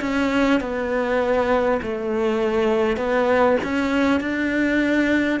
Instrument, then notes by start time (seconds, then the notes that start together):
cello
0.00 C#4
0.60 B3
1.82 A3
2.97 B3
3.63 C#4
4.20 D4